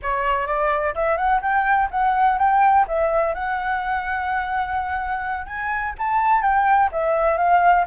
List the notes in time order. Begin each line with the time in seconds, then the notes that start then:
0.02 C#5
0.47 D5
0.94 E5
1.17 F#5
1.41 G5
1.90 F#5
2.38 G5
2.87 E5
3.34 F#5
5.46 G#5
5.98 A5
6.42 G5
6.92 E5
7.37 F5